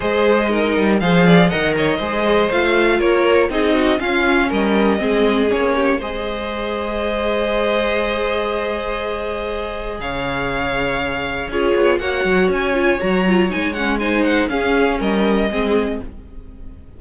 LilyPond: <<
  \new Staff \with { instrumentName = "violin" } { \time 4/4 \tempo 4 = 120 dis''2 f''4 fis''8 dis''8~ | dis''4 f''4 cis''4 dis''4 | f''4 dis''2 cis''4 | dis''1~ |
dis''1 | f''2. cis''4 | fis''4 gis''4 ais''4 gis''8 fis''8 | gis''8 fis''8 f''4 dis''2 | }
  \new Staff \with { instrumentName = "violin" } { \time 4/4 c''4 ais'4 c''8 d''8 dis''8 cis''8 | c''2 ais'4 gis'8 fis'8 | f'4 ais'4 gis'4. g'8 | c''1~ |
c''1 | cis''2. gis'4 | cis''1 | c''4 gis'4 ais'4 gis'4 | }
  \new Staff \with { instrumentName = "viola" } { \time 4/4 gis'4 dis'4 gis'4 ais'4 | gis'4 f'2 dis'4 | cis'2 c'4 cis'4 | gis'1~ |
gis'1~ | gis'2. f'4 | fis'4. f'8 fis'8 f'8 dis'8 cis'8 | dis'4 cis'2 c'4 | }
  \new Staff \with { instrumentName = "cello" } { \time 4/4 gis4. g8 f4 dis4 | gis4 a4 ais4 c'4 | cis'4 g4 gis4 ais4 | gis1~ |
gis1 | cis2. cis'8 b8 | ais8 fis8 cis'4 fis4 gis4~ | gis4 cis'4 g4 gis4 | }
>>